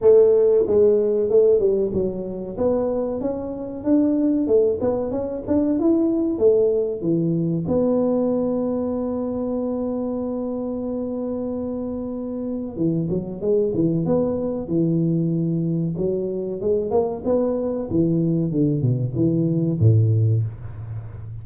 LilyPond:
\new Staff \with { instrumentName = "tuba" } { \time 4/4 \tempo 4 = 94 a4 gis4 a8 g8 fis4 | b4 cis'4 d'4 a8 b8 | cis'8 d'8 e'4 a4 e4 | b1~ |
b1 | e8 fis8 gis8 e8 b4 e4~ | e4 fis4 gis8 ais8 b4 | e4 d8 b,8 e4 a,4 | }